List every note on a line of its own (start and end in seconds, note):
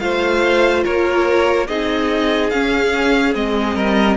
0.00 0.85 A3
0.00 1.68 F4
0.00 0.84 C5
0.00 0.83 F5
0.84 1.69 A#3
0.84 1.68 A#4
0.84 1.68 C#5
1.68 2.52 C4
1.68 2.52 D#4
1.68 3.76 G#4
1.68 2.51 D#5
2.51 3.35 C#4
2.51 3.34 F5
3.35 3.76 G#3
3.35 4.18 C4
3.35 4.18 D#5
3.76 4.18 G3
3.76 4.17 A#4